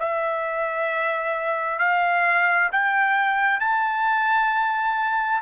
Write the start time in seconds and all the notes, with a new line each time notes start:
0.00 E5
1.79 F5
2.72 G5
3.60 A5